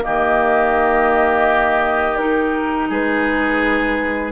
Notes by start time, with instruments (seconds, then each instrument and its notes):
0.00 clarinet A#3, oboe G4, flute D#5
0.07 bassoon D#3
2.17 clarinet D#4, flute A#4
2.89 bassoon G#3, oboe G#4, flute B4